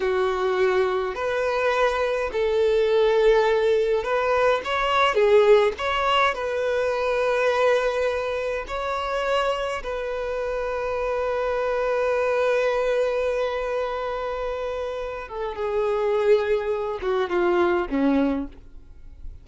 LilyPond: \new Staff \with { instrumentName = "violin" } { \time 4/4 \tempo 4 = 104 fis'2 b'2 | a'2. b'4 | cis''4 gis'4 cis''4 b'4~ | b'2. cis''4~ |
cis''4 b'2.~ | b'1~ | b'2~ b'8 a'8 gis'4~ | gis'4. fis'8 f'4 cis'4 | }